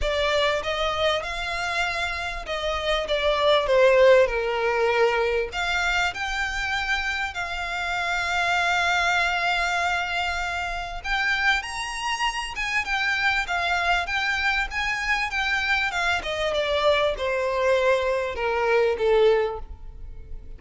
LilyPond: \new Staff \with { instrumentName = "violin" } { \time 4/4 \tempo 4 = 98 d''4 dis''4 f''2 | dis''4 d''4 c''4 ais'4~ | ais'4 f''4 g''2 | f''1~ |
f''2 g''4 ais''4~ | ais''8 gis''8 g''4 f''4 g''4 | gis''4 g''4 f''8 dis''8 d''4 | c''2 ais'4 a'4 | }